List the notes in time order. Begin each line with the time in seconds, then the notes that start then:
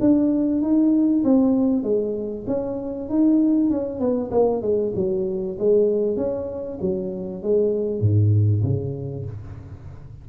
0.00 D4
0.62 D#4
1.24 C4
1.83 G#3
2.47 C#4
3.09 D#4
3.70 C#4
4.00 B3
4.31 A#3
4.62 G#3
4.95 F#3
5.59 G#3
6.17 C#4
6.81 F#3
7.43 G#3
8.00 G#2
8.63 C#3